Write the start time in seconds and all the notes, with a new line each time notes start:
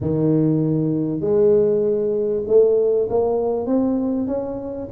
0.00 D#3
1.21 G#3
2.47 A3
3.09 A#3
3.66 C4
4.27 C#4